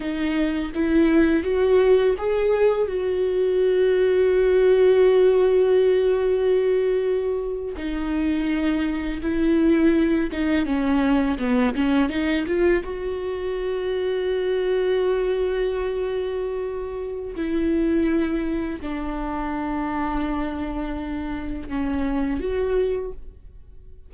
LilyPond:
\new Staff \with { instrumentName = "viola" } { \time 4/4 \tempo 4 = 83 dis'4 e'4 fis'4 gis'4 | fis'1~ | fis'2~ fis'8. dis'4~ dis'16~ | dis'8. e'4. dis'8 cis'4 b16~ |
b16 cis'8 dis'8 f'8 fis'2~ fis'16~ | fis'1 | e'2 d'2~ | d'2 cis'4 fis'4 | }